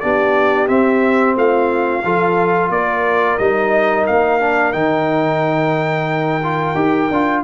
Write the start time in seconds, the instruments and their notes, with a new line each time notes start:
0.00 tuba B3, trombone D4, horn G4, trumpet D5
0.68 trombone C4, tuba C4, trumpet E5
1.36 tuba A3, horn F4, trumpet F5
2.04 tuba F3, trombone F4, horn A4
2.69 tuba A#3, horn A#4, trumpet D5
3.38 tuba G3, trombone D#4, trumpet D#5
4.06 tuba A#3, trumpet F5
4.40 trombone D4
4.72 tuba D#3, trombone D#4, trumpet G5
6.43 trombone F4
6.75 tuba D#4, trombone G4
7.10 tuba D4, trombone F4